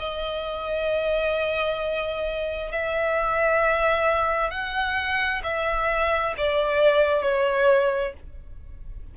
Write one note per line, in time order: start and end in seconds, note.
0.00 2.72 D#5
2.72 4.51 E5
4.51 5.42 F#5
5.44 6.35 E5
6.38 7.23 D5
7.23 8.14 C#5